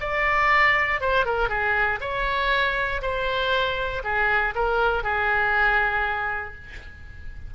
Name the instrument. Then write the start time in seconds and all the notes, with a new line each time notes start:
oboe
0.00 D5
1.00 C5
1.25 A#4
1.49 G#4
2.01 C#5
3.02 C5
4.04 G#4
4.55 A#4
5.03 G#4